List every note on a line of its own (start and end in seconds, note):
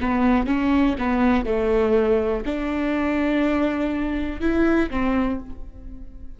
0.00 0.46 B3
0.46 0.96 C#4
0.98 1.45 B3
1.45 2.44 A3
2.45 4.40 D4
4.40 4.90 E4
4.90 5.39 C4